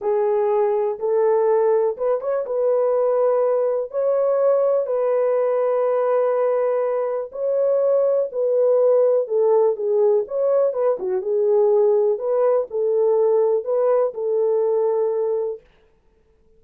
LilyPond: \new Staff \with { instrumentName = "horn" } { \time 4/4 \tempo 4 = 123 gis'2 a'2 | b'8 cis''8 b'2. | cis''2 b'2~ | b'2. cis''4~ |
cis''4 b'2 a'4 | gis'4 cis''4 b'8 fis'8 gis'4~ | gis'4 b'4 a'2 | b'4 a'2. | }